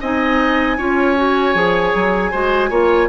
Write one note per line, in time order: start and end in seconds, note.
0.00 0.78 C4
0.00 0.78 D#4
0.00 0.77 D#5
0.00 3.08 G#5
0.77 1.54 C#4
0.77 1.16 F4
0.77 2.31 C#5
1.16 1.54 F#4
1.54 1.93 F3
1.54 2.31 G#4
1.94 2.33 F#3
2.31 2.70 G#3
2.31 2.71 F#4
2.31 2.69 C5
2.70 3.08 A#3
2.70 3.08 F4
2.70 3.08 C#5